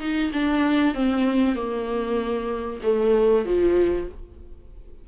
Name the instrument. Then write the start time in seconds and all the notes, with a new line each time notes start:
viola
0.00 D#4
0.33 D4
0.94 C4
1.55 A#3
2.83 A3
3.45 F3